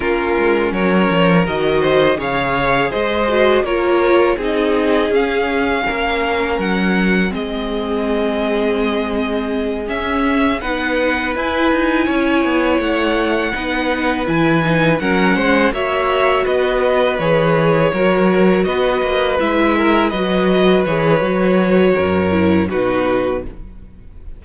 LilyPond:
<<
  \new Staff \with { instrumentName = "violin" } { \time 4/4 \tempo 4 = 82 ais'4 cis''4 dis''4 f''4 | dis''4 cis''4 dis''4 f''4~ | f''4 fis''4 dis''2~ | dis''4. e''4 fis''4 gis''8~ |
gis''4. fis''2 gis''8~ | gis''8 fis''4 e''4 dis''4 cis''8~ | cis''4. dis''4 e''4 dis''8~ | dis''8 cis''2~ cis''8 b'4 | }
  \new Staff \with { instrumentName = "violin" } { \time 4/4 f'4 ais'4. c''8 cis''4 | c''4 ais'4 gis'2 | ais'2 gis'2~ | gis'2~ gis'8 b'4.~ |
b'8 cis''2 b'4.~ | b'8 ais'8 c''8 cis''4 b'4.~ | b'8 ais'4 b'4. ais'8 b'8~ | b'2 ais'4 fis'4 | }
  \new Staff \with { instrumentName = "viola" } { \time 4/4 cis'2 fis'4 gis'4~ | gis'8 fis'8 f'4 dis'4 cis'4~ | cis'2 c'2~ | c'4. cis'4 dis'4 e'8~ |
e'2~ e'8 dis'4 e'8 | dis'8 cis'4 fis'2 gis'8~ | gis'8 fis'2 e'4 fis'8~ | fis'8 gis'8 fis'4. e'8 dis'4 | }
  \new Staff \with { instrumentName = "cello" } { \time 4/4 ais8 gis8 fis8 f8 dis4 cis4 | gis4 ais4 c'4 cis'4 | ais4 fis4 gis2~ | gis4. cis'4 b4 e'8 |
dis'8 cis'8 b8 a4 b4 e8~ | e8 fis8 gis8 ais4 b4 e8~ | e8 fis4 b8 ais8 gis4 fis8~ | fis8 e8 fis4 fis,4 b,4 | }
>>